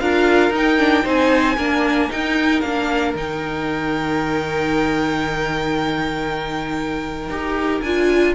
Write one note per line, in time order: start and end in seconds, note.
0.00 0.50 D4
0.00 0.53 F4
0.00 1.04 A#4
0.00 0.52 F5
0.50 1.02 D#4
0.50 0.79 D#4
0.56 1.08 G5
0.79 1.04 D4
1.04 1.57 C4
1.04 1.56 D#4
1.04 1.56 C5
1.04 2.12 G#5
1.57 2.09 A#3
1.57 2.10 D4
1.57 8.35 A#4
2.10 2.62 D#4
2.10 2.61 G5
2.61 3.15 A#3
2.61 3.17 D4
2.61 3.13 F5
3.15 7.29 D#3
3.15 7.31 D#4
3.15 7.81 G5
7.29 7.81 D#4
7.29 7.83 G4
7.81 8.35 D4
7.81 8.36 F4
7.81 8.34 G#5